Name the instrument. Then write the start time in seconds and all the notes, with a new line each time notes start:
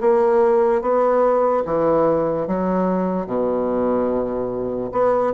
bassoon
0.00 A#3
0.81 B3
1.65 E3
2.47 F#3
3.26 B2
4.92 B3